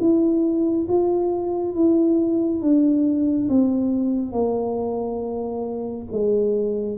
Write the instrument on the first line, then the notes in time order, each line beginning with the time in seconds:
tuba
0.00 E4
0.88 F4
1.75 E4
2.62 D4
3.49 C4
4.32 A#3
6.12 G#3